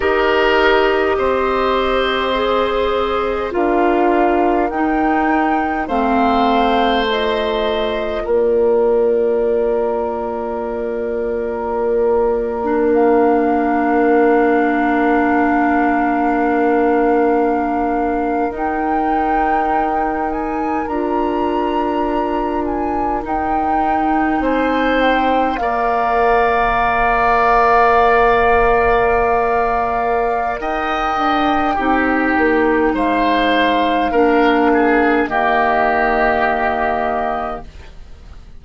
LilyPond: <<
  \new Staff \with { instrumentName = "flute" } { \time 4/4 \tempo 4 = 51 dis''2. f''4 | g''4 f''4 dis''4 d''4~ | d''2. f''4~ | f''2.~ f''8. g''16~ |
g''4~ g''16 gis''8 ais''4. gis''8 g''16~ | g''8. gis''8 g''8 f''2~ f''16~ | f''2 g''2 | f''2 dis''2 | }
  \new Staff \with { instrumentName = "oboe" } { \time 4/4 ais'4 c''2 ais'4~ | ais'4 c''2 ais'4~ | ais'1~ | ais'1~ |
ais'1~ | ais'8. c''4 d''2~ d''16~ | d''2 dis''4 g'4 | c''4 ais'8 gis'8 g'2 | }
  \new Staff \with { instrumentName = "clarinet" } { \time 4/4 g'2 gis'4 f'4 | dis'4 c'4 f'2~ | f'2~ f'8. d'4~ d'16~ | d'2.~ d'8. dis'16~ |
dis'4.~ dis'16 f'2 dis'16~ | dis'4.~ dis'16 ais'2~ ais'16~ | ais'2. dis'4~ | dis'4 d'4 ais2 | }
  \new Staff \with { instrumentName = "bassoon" } { \time 4/4 dis'4 c'2 d'4 | dis'4 a2 ais4~ | ais1~ | ais2.~ ais8. dis'16~ |
dis'4.~ dis'16 d'2 dis'16~ | dis'8. c'4 ais2~ ais16~ | ais2 dis'8 d'8 c'8 ais8 | gis4 ais4 dis2 | }
>>